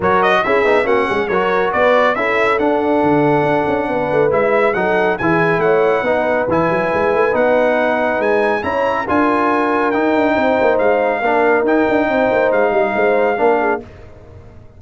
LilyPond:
<<
  \new Staff \with { instrumentName = "trumpet" } { \time 4/4 \tempo 4 = 139 cis''8 dis''8 e''4 fis''4 cis''4 | d''4 e''4 fis''2~ | fis''2 e''4 fis''4 | gis''4 fis''2 gis''4~ |
gis''4 fis''2 gis''4 | ais''4 gis''2 g''4~ | g''4 f''2 g''4~ | g''4 f''2. | }
  \new Staff \with { instrumentName = "horn" } { \time 4/4 ais'4 gis'4 fis'8 gis'8 ais'4 | b'4 a'2.~ | a'4 b'2 a'4 | gis'4 cis''4 b'2~ |
b'1 | cis''4 ais'2. | c''2 ais'2 | c''4. dis''8 c''4 ais'8 gis'8 | }
  \new Staff \with { instrumentName = "trombone" } { \time 4/4 fis'4 e'8 dis'8 cis'4 fis'4~ | fis'4 e'4 d'2~ | d'2 e'4 dis'4 | e'2 dis'4 e'4~ |
e'4 dis'2. | e'4 f'2 dis'4~ | dis'2 d'4 dis'4~ | dis'2. d'4 | }
  \new Staff \with { instrumentName = "tuba" } { \time 4/4 fis4 cis'8 b8 ais8 gis8 fis4 | b4 cis'4 d'4 d4 | d'8 cis'8 b8 a8 gis4 fis4 | e4 a4 b4 e8 fis8 |
gis8 a8 b2 gis4 | cis'4 d'2 dis'8 d'8 | c'8 ais8 gis4 ais4 dis'8 d'8 | c'8 ais8 gis8 g8 gis4 ais4 | }
>>